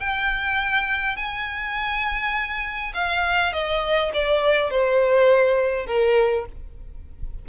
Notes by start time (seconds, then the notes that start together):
0.00 G5
1.16 G#5
2.94 F5
3.52 D#5
4.13 D5
4.70 C5
5.86 A#4